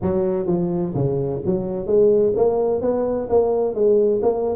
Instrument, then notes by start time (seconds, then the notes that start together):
tuba
0.02 F#3
0.46 F3
0.94 C#3
1.45 F#3
1.86 G#3
2.36 A#3
2.81 B3
3.29 A#3
3.74 G#3
4.22 A#3